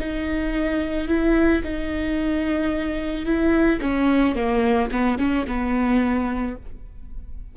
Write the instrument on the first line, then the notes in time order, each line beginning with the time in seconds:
viola
0.00 D#4
1.08 E4
1.64 D#4
3.26 E4
3.81 C#4
4.36 A#3
4.92 B3
5.18 C#4
5.47 B3